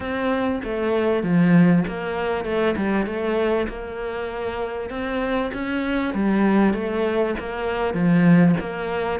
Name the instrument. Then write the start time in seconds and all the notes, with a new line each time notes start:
cello
0.00 C4
0.64 A3
1.23 F3
1.87 A#3
2.44 A3
2.76 G3
3.06 A3
3.68 A#3
4.90 C4
5.53 C#4
6.14 G3
6.73 A3
7.39 A#3
7.94 F3
8.59 A#3